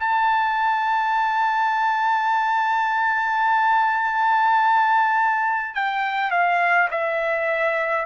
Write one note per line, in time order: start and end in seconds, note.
0.00 5.75 A5
5.75 6.31 G5
6.31 6.89 F5
6.91 8.06 E5